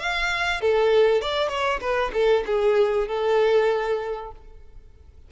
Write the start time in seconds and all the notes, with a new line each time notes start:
0.00 F5
0.61 A4
1.22 D5
1.49 C#5
1.81 B4
2.14 A4
2.47 G#4
3.08 A4